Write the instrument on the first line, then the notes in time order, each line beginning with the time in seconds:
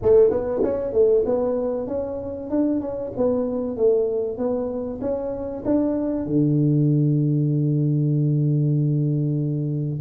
tuba
0.02 A3
0.30 B3
0.63 C#4
0.93 A3
1.25 B3
1.87 C#4
2.50 D4
2.81 C#4
3.16 B3
3.76 A3
4.37 B3
5.01 C#4
5.65 D4
6.26 D3